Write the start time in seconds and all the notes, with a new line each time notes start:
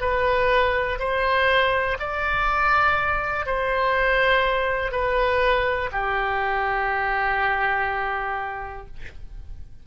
0.00 B4
0.99 C5
1.99 D5
3.46 C5
4.91 B4
5.92 G4